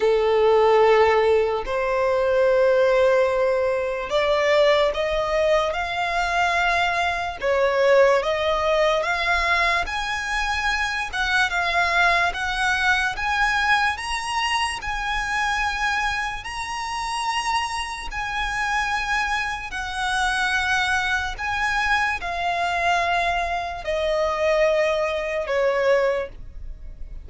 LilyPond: \new Staff \with { instrumentName = "violin" } { \time 4/4 \tempo 4 = 73 a'2 c''2~ | c''4 d''4 dis''4 f''4~ | f''4 cis''4 dis''4 f''4 | gis''4. fis''8 f''4 fis''4 |
gis''4 ais''4 gis''2 | ais''2 gis''2 | fis''2 gis''4 f''4~ | f''4 dis''2 cis''4 | }